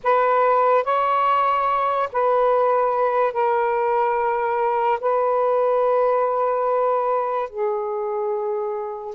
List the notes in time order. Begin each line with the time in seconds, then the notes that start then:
0.03 B4
0.84 C#5
2.12 B4
3.32 A#4
5.00 B4
7.49 G#4